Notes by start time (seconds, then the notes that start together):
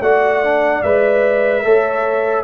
0.00 A3 F#4 D5 F#5
0.44 D4
0.82 G#3 B4 E5
1.64 A3 A4 C#5